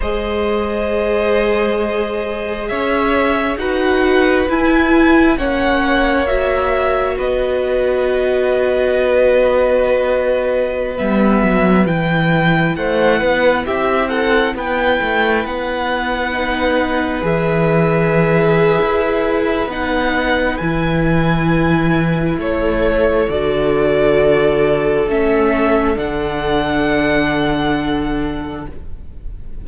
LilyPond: <<
  \new Staff \with { instrumentName = "violin" } { \time 4/4 \tempo 4 = 67 dis''2. e''4 | fis''4 gis''4 fis''4 e''4 | dis''1~ | dis''16 e''4 g''4 fis''4 e''8 fis''16~ |
fis''16 g''4 fis''2 e''8.~ | e''2 fis''4 gis''4~ | gis''4 cis''4 d''2 | e''4 fis''2. | }
  \new Staff \with { instrumentName = "violin" } { \time 4/4 c''2. cis''4 | b'2 cis''2 | b'1~ | b'2~ b'16 c''8 b'8 g'8 a'16~ |
a'16 b'2.~ b'8.~ | b'1~ | b'4 a'2.~ | a'1 | }
  \new Staff \with { instrumentName = "viola" } { \time 4/4 gis'1 | fis'4 e'4 cis'4 fis'4~ | fis'1~ | fis'16 b4 e'2~ e'8.~ |
e'2~ e'16 dis'4 gis'8.~ | gis'2 dis'4 e'4~ | e'2 fis'2 | cis'4 d'2. | }
  \new Staff \with { instrumentName = "cello" } { \time 4/4 gis2. cis'4 | dis'4 e'4 ais2 | b1~ | b16 g8 fis8 e4 a8 b8 c'8.~ |
c'16 b8 a8 b2 e8.~ | e4 e'4 b4 e4~ | e4 a4 d2 | a4 d2. | }
>>